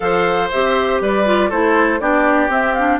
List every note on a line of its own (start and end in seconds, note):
0.00 0.51 F3
0.00 0.50 A4
0.00 1.02 C5
0.00 0.50 F5
0.50 1.00 C4
0.50 1.25 G4
0.50 1.00 E5
1.00 1.50 G3
1.00 1.49 B4
1.00 1.50 D5
1.25 1.50 F4
1.49 2.00 A3
1.49 2.00 E4
1.49 1.99 A4
1.49 2.00 C5
2.00 2.48 B3
2.00 2.48 D4
2.00 3.00 G4
2.00 2.50 D5
2.48 2.73 C4
2.48 2.98 C4
2.48 2.74 E5
2.74 3.00 D4
2.74 2.99 F5